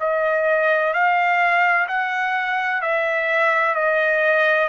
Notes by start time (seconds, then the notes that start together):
0.00 D#5
0.93 F5
1.87 F#5
2.82 E5
3.75 D#5